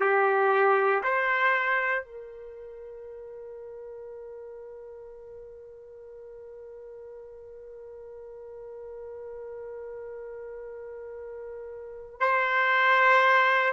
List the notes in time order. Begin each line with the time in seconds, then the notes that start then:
0.00 G4
1.03 C5
2.04 A#4
12.20 C5